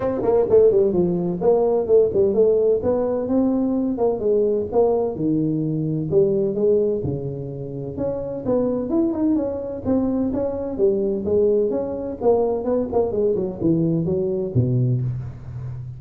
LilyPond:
\new Staff \with { instrumentName = "tuba" } { \time 4/4 \tempo 4 = 128 c'8 ais8 a8 g8 f4 ais4 | a8 g8 a4 b4 c'4~ | c'8 ais8 gis4 ais4 dis4~ | dis4 g4 gis4 cis4~ |
cis4 cis'4 b4 e'8 dis'8 | cis'4 c'4 cis'4 g4 | gis4 cis'4 ais4 b8 ais8 | gis8 fis8 e4 fis4 b,4 | }